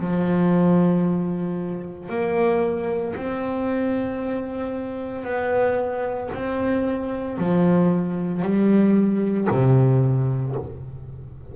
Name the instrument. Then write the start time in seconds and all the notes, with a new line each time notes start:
double bass
0.00 F3
2.10 A#3
3.16 C4
5.24 B3
6.34 C4
7.38 F3
8.43 G3
9.51 C3